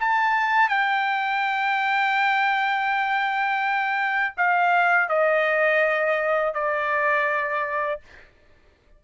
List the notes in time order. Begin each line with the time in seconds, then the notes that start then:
0.00 A5
0.69 G5
4.37 F5
5.09 D#5
6.54 D5